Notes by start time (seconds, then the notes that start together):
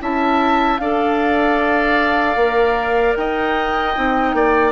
0.00 C#4 E4 E5 A5
0.78 D4 A4 D5 F5
2.36 A#3 A#4
3.16 D#4 D#5 G5
3.95 C4 D#4
4.34 A#3 D5